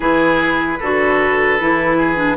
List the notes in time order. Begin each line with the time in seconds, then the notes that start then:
0.00 E3 E4 G#4 B4
0.79 D3 F#4 A4
1.59 E3 E4
1.97 G#4
2.15 D4